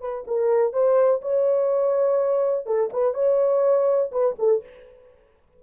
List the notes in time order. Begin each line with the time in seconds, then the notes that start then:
0.00 B4
0.27 A#4
0.72 C5
1.21 C#5
2.65 A4
2.93 B4
3.14 C#5
4.11 B4
4.38 A4